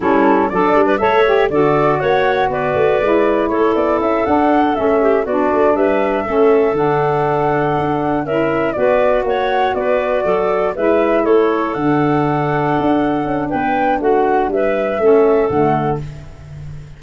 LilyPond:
<<
  \new Staff \with { instrumentName = "flute" } { \time 4/4 \tempo 4 = 120 a'4 d''4 e''4 d''4 | fis''4 d''2 cis''8 d''8 | e''8 fis''4 e''4 d''4 e''8~ | e''4. fis''2~ fis''8~ |
fis''8 e''4 d''4 fis''4 d''8~ | d''4. e''4 cis''4 fis''8~ | fis''2. g''4 | fis''4 e''2 fis''4 | }
  \new Staff \with { instrumentName = "clarinet" } { \time 4/4 e'4 a'8. b'16 cis''4 a'4 | cis''4 b'2 a'4~ | a'2 g'8 fis'4 b'8~ | b'8 a'2.~ a'8~ |
a'8 ais'4 b'4 cis''4 b'8~ | b'8 a'4 b'4 a'4.~ | a'2. b'4 | fis'4 b'4 a'2 | }
  \new Staff \with { instrumentName = "saxophone" } { \time 4/4 cis'4 d'4 a'8 g'8 fis'4~ | fis'2 e'2~ | e'8 d'4 cis'4 d'4.~ | d'8 cis'4 d'2~ d'8~ |
d'8 e'4 fis'2~ fis'8~ | fis'4. e'2 d'8~ | d'1~ | d'2 cis'4 a4 | }
  \new Staff \with { instrumentName = "tuba" } { \time 4/4 g4 fis8 g8 a4 d4 | ais4 b8 a8 gis4 a8 b8 | cis'8 d'4 a4 b8 a8 g8~ | g8 a4 d2 d'8~ |
d'8 cis'4 b4 ais4 b8~ | b8 fis4 gis4 a4 d8~ | d4. d'4 cis'8 b4 | a4 g4 a4 d4 | }
>>